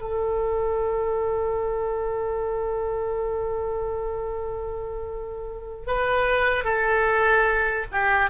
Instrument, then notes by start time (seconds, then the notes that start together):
oboe
0.00 A4
5.86 B4
6.63 A4
7.91 G4